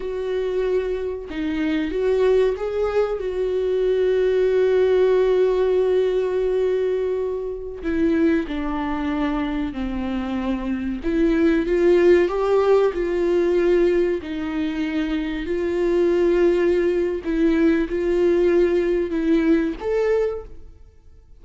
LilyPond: \new Staff \with { instrumentName = "viola" } { \time 4/4 \tempo 4 = 94 fis'2 dis'4 fis'4 | gis'4 fis'2.~ | fis'1~ | fis'16 e'4 d'2 c'8.~ |
c'4~ c'16 e'4 f'4 g'8.~ | g'16 f'2 dis'4.~ dis'16~ | dis'16 f'2~ f'8. e'4 | f'2 e'4 a'4 | }